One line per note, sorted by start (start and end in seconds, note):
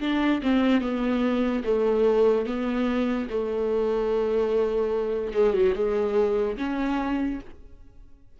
0.00 0.41 D4
0.42 0.81 C4
0.81 1.63 B3
1.64 2.46 A3
2.46 3.28 B3
3.30 5.34 A3
5.34 5.53 G#3
5.53 5.73 F#3
5.75 6.57 G#3
6.57 7.39 C#4